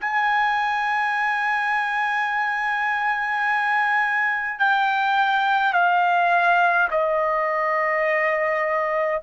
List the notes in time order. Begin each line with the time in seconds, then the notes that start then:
0.00 G#5
4.59 G5
5.73 F5
6.91 D#5